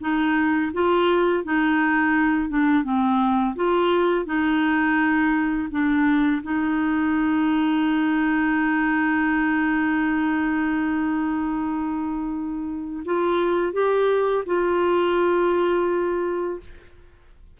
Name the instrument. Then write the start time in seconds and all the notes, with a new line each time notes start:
clarinet
0.00 D#4
0.73 F4
1.44 D#4
2.49 D4
2.83 C4
3.55 F4
4.25 D#4
5.70 D4
6.42 D#4
13.05 F4
13.72 G4
14.45 F4